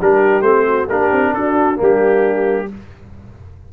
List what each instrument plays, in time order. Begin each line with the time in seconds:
0.00 tuba G3, trombone D4, horn G4, trumpet A#4
0.42 tuba A3, trombone C4, trumpet C5
0.67 horn F#4
0.88 tuba A#3, trombone D4, horn G4, trumpet A#4
1.12 tuba C4
1.34 tuba D4, horn F#4, trumpet A4
1.76 tuba G3, trombone A#3, horn D4
1.83 trumpet G4